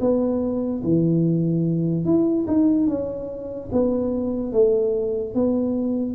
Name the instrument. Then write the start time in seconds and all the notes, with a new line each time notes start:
tuba
0.00 B3
0.83 E3
2.04 E4
2.47 D#4
2.87 C#4
3.72 B3
4.52 A3
5.34 B3